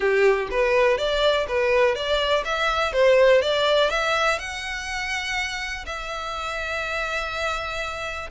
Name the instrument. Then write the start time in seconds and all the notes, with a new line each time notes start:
violin
0.00 G4
0.50 B4
0.97 D5
1.48 B4
1.95 D5
2.44 E5
2.92 C5
3.41 D5
3.90 E5
4.39 F#5
5.86 E5